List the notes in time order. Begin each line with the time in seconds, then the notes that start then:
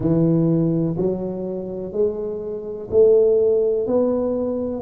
0.00 E3
0.97 F#3
1.92 G#3
2.90 A3
3.87 B3